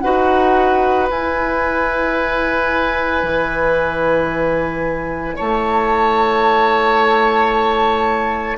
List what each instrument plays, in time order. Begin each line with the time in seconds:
0.00 bassoon D#4, clarinet F#4, oboe B4, flute F#5
1.09 clarinet E4, bassoon E4, flute G#5
3.23 bassoon E3
5.36 bassoon A3, oboe C#5, flute A5